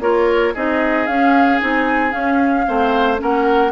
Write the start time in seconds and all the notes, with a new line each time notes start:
0.00 A#3 F4 A#4 C#5
0.54 C4 D#4 G#4 D#5
1.07 C#4 F5
1.60 C4 D#4 G#5
2.11 C#4 F5
2.67 A3 C4 C5
3.18 A#3 C#4 A#4 F#5